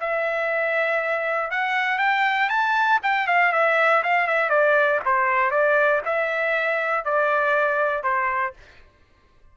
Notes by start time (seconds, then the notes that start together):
0.00 E5
1.51 F#5
1.99 G5
2.50 A5
3.03 G5
3.27 F5
3.53 E5
4.03 F5
4.27 E5
4.50 D5
5.05 C5
5.51 D5
6.05 E5
7.05 D5
8.03 C5